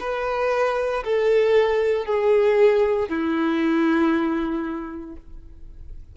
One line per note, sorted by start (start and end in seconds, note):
0.00 1.03 B4
1.04 2.05 A4
2.05 3.09 G#4
3.09 5.16 E4